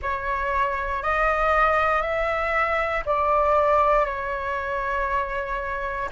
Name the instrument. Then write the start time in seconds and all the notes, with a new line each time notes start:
flute
0.02 C#5
1.03 D#5
2.02 E5
3.05 D5
4.05 C#5